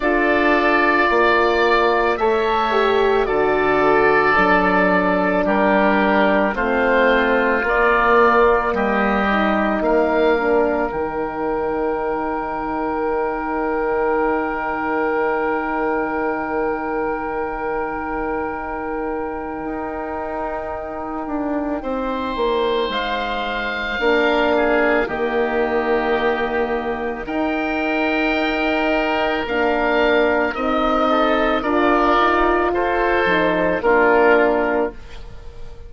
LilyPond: <<
  \new Staff \with { instrumentName = "oboe" } { \time 4/4 \tempo 4 = 55 d''2 e''4 d''4~ | d''4 ais'4 c''4 d''4 | dis''4 f''4 g''2~ | g''1~ |
g''1~ | g''4 f''2 dis''4~ | dis''4 g''2 f''4 | dis''4 d''4 c''4 ais'4 | }
  \new Staff \with { instrumentName = "oboe" } { \time 4/4 a'4 d''4 cis''4 a'4~ | a'4 g'4 f'2 | g'4 ais'2.~ | ais'1~ |
ais'1 | c''2 ais'8 gis'8 g'4~ | g'4 ais'2.~ | ais'8 a'8 ais'4 a'4 f'4 | }
  \new Staff \with { instrumentName = "horn" } { \time 4/4 f'2 a'8 g'8 fis'4 | d'2 c'4 ais4~ | ais8 dis'4 d'8 dis'2~ | dis'1~ |
dis'1~ | dis'2 d'4 ais4~ | ais4 dis'2 d'4 | dis'4 f'4. dis'8 d'4 | }
  \new Staff \with { instrumentName = "bassoon" } { \time 4/4 d'4 ais4 a4 d4 | fis4 g4 a4 ais4 | g4 ais4 dis2~ | dis1~ |
dis2 dis'4. d'8 | c'8 ais8 gis4 ais4 dis4~ | dis4 dis'2 ais4 | c'4 d'8 dis'8 f'8 f8 ais4 | }
>>